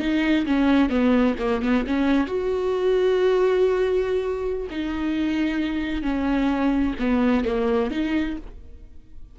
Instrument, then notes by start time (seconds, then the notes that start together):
viola
0.00 D#4
0.46 C#4
0.90 B3
1.39 A#3
1.62 B3
1.87 C#4
2.27 F#4
4.71 D#4
6.03 C#4
7.00 B3
7.45 A#3
7.91 D#4